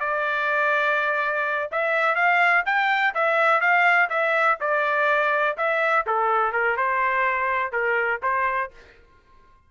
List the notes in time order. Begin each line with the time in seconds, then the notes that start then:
0.00 D5
1.72 E5
2.15 F5
2.66 G5
3.14 E5
3.60 F5
4.10 E5
4.60 D5
5.57 E5
6.06 A4
6.53 A#4
6.77 C5
7.72 A#4
8.23 C5